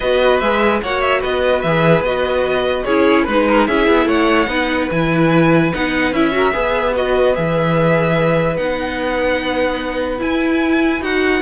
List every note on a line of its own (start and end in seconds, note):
0.00 0.40 B3
0.00 0.42 F#4
0.00 0.80 B4
0.00 0.39 D#5
0.39 0.81 G#3
0.39 0.83 G#4
0.39 0.80 E5
0.82 1.23 A#3
0.82 1.66 F#4
0.82 1.20 C#5
0.82 1.01 F#5
1.01 1.21 E5
1.20 1.63 B3
1.20 2.83 B4
1.20 1.61 D#5
1.61 2.01 E3
1.61 2.05 G#4
1.61 2.02 E5
2.01 2.82 B3
2.01 2.87 F#4
2.01 2.84 D#5
2.84 3.27 C#4
2.84 3.28 E4
2.84 3.23 G#4
2.84 3.25 C#5
3.23 3.68 G#3
3.23 3.68 D#4
3.23 3.44 B4
3.23 3.67 B4
3.47 3.68 A#4
3.67 3.87 C#4
3.67 4.47 E4
3.67 4.07 G#4
3.67 4.07 E5
3.87 4.06 B3
4.06 4.47 A3
4.06 4.48 C#5
4.06 4.89 F#5
4.47 4.87 B3
4.47 4.88 D#4
4.47 6.32 B4
4.90 5.72 E3
4.90 5.72 E4
4.90 5.73 G#5
5.73 6.11 B3
5.73 6.14 D#4
5.73 6.13 F#5
6.11 6.52 C#4
6.11 6.31 E4
6.11 6.94 E5
6.31 6.51 F#4
6.31 6.54 A#4
6.52 7.37 B3
6.52 6.93 G#4
6.52 11.42 B4
6.95 7.33 F#4
6.95 7.35 D#5
7.33 8.57 E3
7.33 8.56 G#4
7.33 8.56 E5
8.56 10.20 B3
8.56 10.18 D#4
8.56 10.19 F#5
10.18 11.00 E4
10.18 11.01 E4
10.18 11.03 G#5
11.01 11.42 D#4
11.01 11.42 F#4
11.01 11.42 F#5